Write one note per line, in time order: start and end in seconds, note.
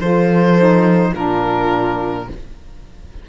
0.00 1.13 F3
0.00 0.58 F4
0.00 1.12 A4
0.00 1.14 C5
0.58 1.15 D#4
1.12 2.29 A#2
1.12 2.28 D4
1.12 2.25 F4
1.12 2.29 A#4